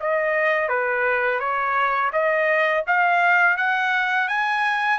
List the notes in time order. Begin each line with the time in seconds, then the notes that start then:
0.00 D#5
0.68 B4
1.40 C#5
2.13 D#5
2.87 F5
3.57 F#5
4.28 G#5